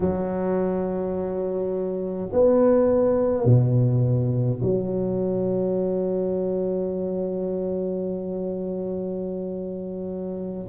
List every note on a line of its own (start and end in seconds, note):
0.00 2.29 F#3
2.32 3.45 B3
3.45 4.60 B2
4.62 10.68 F#3